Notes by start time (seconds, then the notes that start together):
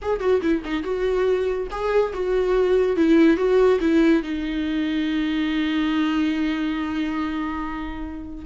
0.02 G#4
0.19 F#4
0.41 E4
0.64 D#4
0.83 F#4
1.70 G#4
2.13 F#4
2.96 E4
3.36 F#4
3.80 E4
4.23 D#4